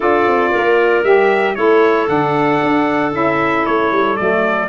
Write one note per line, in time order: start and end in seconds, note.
0.00 0.27 D4
0.00 1.03 F4
0.00 0.51 A4
0.00 1.04 D5
0.27 0.53 C4
0.51 1.03 A#3
0.51 1.55 A#4
1.03 1.55 G3
1.03 1.56 G4
1.03 1.55 E5
1.55 2.07 A3
1.55 2.07 E4
1.55 4.68 A4
1.55 2.07 C#5
2.07 2.60 D3
2.07 3.11 D4
2.07 3.12 F#5
2.62 3.13 D4
3.11 3.65 C#4
3.11 4.16 E4
3.11 3.65 E5
3.65 3.91 A3
3.65 4.16 C#5
3.91 4.17 G3
4.16 4.68 F#3
4.16 4.68 A3
4.16 4.68 D5